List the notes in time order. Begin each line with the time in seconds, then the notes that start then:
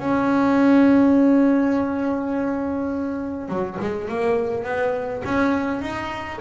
0.00 C#4
3.49 F#3
3.80 G#3
4.09 A#3
4.65 B3
5.25 C#4
5.82 D#4